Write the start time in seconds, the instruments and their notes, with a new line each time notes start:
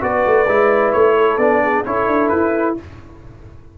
0.00 tuba B3, trombone F#4, horn B4, trumpet D5
0.26 tuba A3
0.48 tuba G#3, trombone E4
0.92 tuba A3, trumpet C#5
1.16 horn A4
1.37 tuba B3, trombone D4, trumpet D5
1.62 horn G#4
1.85 tuba C#4, trombone E4, horn A4, trumpet C#5
2.07 tuba D4
2.28 tuba E4, trumpet B4